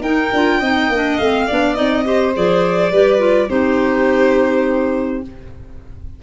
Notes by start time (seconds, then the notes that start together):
0.00 D#4 A#4 G5
0.32 D4 F4
0.59 C4 D#4 D#5
0.89 A#3 D4
1.17 A3 C4 F5
1.46 B3 D4 D5
1.75 C4 D#4 D#5
2.04 G4 C5
2.34 F3 G#4 D5
2.91 G3 G4 B4
3.18 F4
3.48 C4 D#4 G4 C5